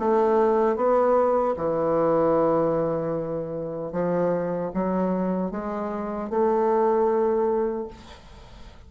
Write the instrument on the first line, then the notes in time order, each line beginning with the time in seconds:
bassoon
0.00 A3
0.76 B3
1.57 E3
3.93 F3
4.74 F#3
5.51 G#3
6.30 A3